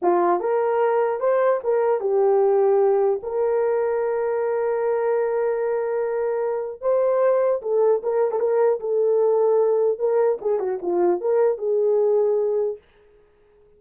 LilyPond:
\new Staff \with { instrumentName = "horn" } { \time 4/4 \tempo 4 = 150 f'4 ais'2 c''4 | ais'4 g'2. | ais'1~ | ais'1~ |
ais'4 c''2 a'4 | ais'8. a'16 ais'4 a'2~ | a'4 ais'4 gis'8 fis'8 f'4 | ais'4 gis'2. | }